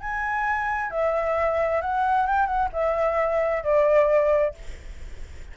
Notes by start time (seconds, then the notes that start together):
0.00 G#5
0.90 E5
1.81 F#5
2.27 G5
2.46 F#5
2.72 E5
3.63 D5